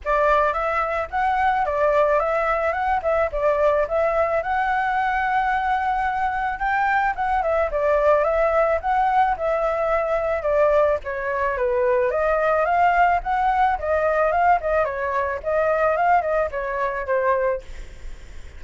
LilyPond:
\new Staff \with { instrumentName = "flute" } { \time 4/4 \tempo 4 = 109 d''4 e''4 fis''4 d''4 | e''4 fis''8 e''8 d''4 e''4 | fis''1 | g''4 fis''8 e''8 d''4 e''4 |
fis''4 e''2 d''4 | cis''4 b'4 dis''4 f''4 | fis''4 dis''4 f''8 dis''8 cis''4 | dis''4 f''8 dis''8 cis''4 c''4 | }